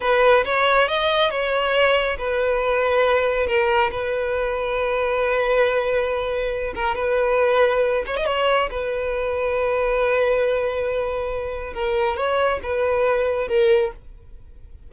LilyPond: \new Staff \with { instrumentName = "violin" } { \time 4/4 \tempo 4 = 138 b'4 cis''4 dis''4 cis''4~ | cis''4 b'2. | ais'4 b'2.~ | b'2.~ b'8 ais'8 |
b'2~ b'8 cis''16 dis''16 cis''4 | b'1~ | b'2. ais'4 | cis''4 b'2 ais'4 | }